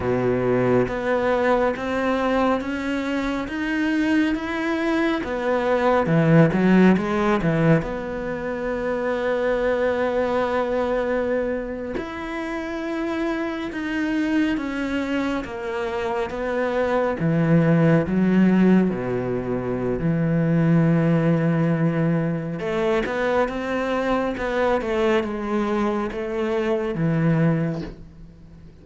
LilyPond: \new Staff \with { instrumentName = "cello" } { \time 4/4 \tempo 4 = 69 b,4 b4 c'4 cis'4 | dis'4 e'4 b4 e8 fis8 | gis8 e8 b2.~ | b4.~ b16 e'2 dis'16~ |
dis'8. cis'4 ais4 b4 e16~ | e8. fis4 b,4~ b,16 e4~ | e2 a8 b8 c'4 | b8 a8 gis4 a4 e4 | }